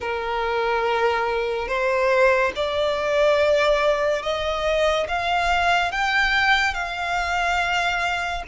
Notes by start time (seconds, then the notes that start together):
0.00 A#4
1.67 C5
2.55 D5
4.22 D#5
5.08 F5
5.91 G5
6.73 F5